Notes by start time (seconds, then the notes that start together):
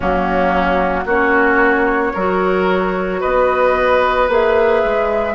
0.00 F#3 A#3 C#4 F#4
1.05 A#3 C#4 F#4 C#5
2.13 F#3 F#4 A#4
3.20 B3 B4 D#5
4.29 A#3 G#4 E5
4.84 G#3